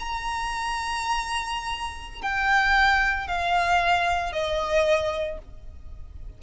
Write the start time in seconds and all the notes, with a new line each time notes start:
0.00 A#5
2.22 G5
3.28 F5
4.33 D#5